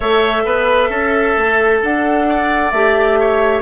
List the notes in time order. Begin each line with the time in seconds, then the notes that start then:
0.00 A3 A4 C#5 E5
0.44 B3 B4
0.89 C#4 A4
1.37 A3
1.83 D4 F#5
2.29 D5
2.70 A3 G4 E5
3.19 C#5